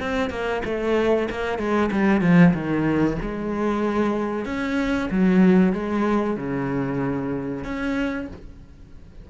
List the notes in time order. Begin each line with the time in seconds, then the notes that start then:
0.00 C4
0.30 A#3
0.65 A3
1.30 A#3
1.58 G#3
1.91 G3
2.21 F3
2.53 D#3
3.21 G#3
4.45 C#4
5.11 F#3
5.73 G#3
6.37 C#3
7.64 C#4